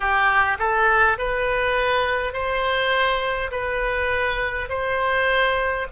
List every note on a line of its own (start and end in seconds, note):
0.00 0.57 G4
0.58 1.17 A4
1.18 2.33 B4
2.33 3.50 C5
3.51 4.68 B4
4.69 5.87 C5